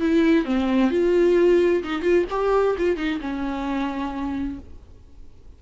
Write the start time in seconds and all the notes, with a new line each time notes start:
0.00 E4
0.45 C4
0.90 F4
1.83 D#4
2.02 F4
2.30 G4
2.78 F4
2.97 D#4
3.21 C#4